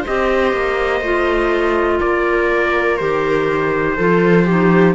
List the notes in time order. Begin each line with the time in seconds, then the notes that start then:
0.00 G4 C5
0.06 C4 D#5
0.52 A#3
1.01 A3 F4
1.99 A#3 A#4 D5
2.97 D#3 G4 C5
3.96 F3 F4 A4
4.45 D#4 G4